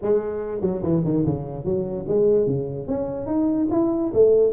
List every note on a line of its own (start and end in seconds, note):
0.02 0.61 G#3
0.61 0.81 F#3
0.82 1.03 E3
1.04 1.25 D#3
1.25 1.64 C#3
1.64 2.05 F#3
2.08 2.46 G#3
2.46 2.87 C#3
2.87 3.26 C#4
3.26 3.67 D#4
3.70 4.12 E4
4.13 4.52 A3